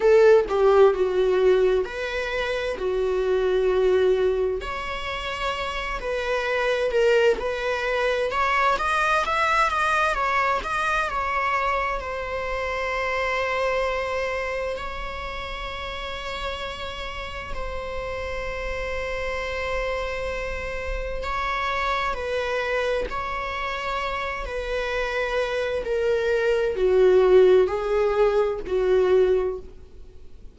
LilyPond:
\new Staff \with { instrumentName = "viola" } { \time 4/4 \tempo 4 = 65 a'8 g'8 fis'4 b'4 fis'4~ | fis'4 cis''4. b'4 ais'8 | b'4 cis''8 dis''8 e''8 dis''8 cis''8 dis''8 | cis''4 c''2. |
cis''2. c''4~ | c''2. cis''4 | b'4 cis''4. b'4. | ais'4 fis'4 gis'4 fis'4 | }